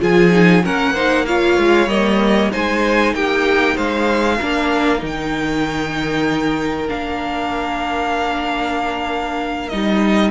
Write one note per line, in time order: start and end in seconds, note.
0.00 0.65 F3
0.00 0.31 F4
0.00 0.64 G#4
0.00 0.65 G#5
0.31 0.62 D#4
0.63 1.58 A#3
0.63 0.95 C#4
0.63 0.93 A#4
0.63 1.26 F#5
0.93 1.27 D#4
0.93 1.24 C5
1.26 1.89 F4
1.26 2.52 C#5
1.26 1.89 F5
1.58 1.87 G#3
1.87 2.49 G3
1.87 2.51 A#3
1.87 2.51 D#5
2.51 3.14 G#3
2.51 4.38 D#4
2.51 3.14 C5
2.51 3.14 G#5
3.14 3.77 A#3
3.14 3.76 G4
3.14 3.77 G5
3.76 4.40 G#3
3.76 4.37 C5
3.76 5.02 F5
4.37 5.02 A#3
4.37 4.99 D4
4.37 10.31 A#4
4.99 6.90 D#3
4.99 6.86 D#4
5.06 6.89 G5
6.89 9.72 A#3
6.89 9.70 D4
6.89 9.69 F5
9.69 10.31 G3
9.69 10.31 D#4
9.69 10.31 D#5